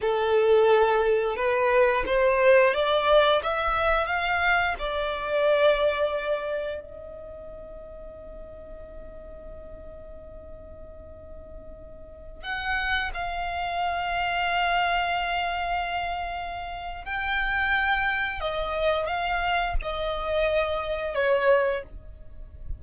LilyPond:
\new Staff \with { instrumentName = "violin" } { \time 4/4 \tempo 4 = 88 a'2 b'4 c''4 | d''4 e''4 f''4 d''4~ | d''2 dis''2~ | dis''1~ |
dis''2~ dis''16 fis''4 f''8.~ | f''1~ | f''4 g''2 dis''4 | f''4 dis''2 cis''4 | }